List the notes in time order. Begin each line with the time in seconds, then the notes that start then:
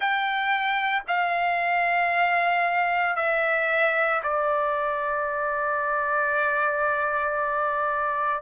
0.00 G5
1.07 F5
3.16 E5
4.23 D5